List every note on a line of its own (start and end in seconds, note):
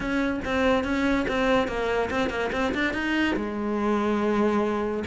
0.00 0.39 C#4
0.45 0.84 C4
0.84 1.25 C#4
1.28 1.67 C4
1.67 2.09 A#3
2.10 2.29 C4
2.29 2.50 A#3
2.52 2.73 C4
2.74 2.93 D4
2.93 3.35 D#4
3.35 5.03 G#3